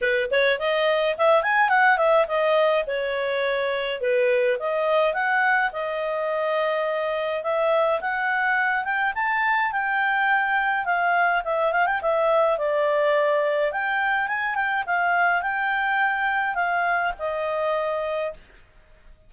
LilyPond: \new Staff \with { instrumentName = "clarinet" } { \time 4/4 \tempo 4 = 105 b'8 cis''8 dis''4 e''8 gis''8 fis''8 e''8 | dis''4 cis''2 b'4 | dis''4 fis''4 dis''2~ | dis''4 e''4 fis''4. g''8 |
a''4 g''2 f''4 | e''8 f''16 g''16 e''4 d''2 | g''4 gis''8 g''8 f''4 g''4~ | g''4 f''4 dis''2 | }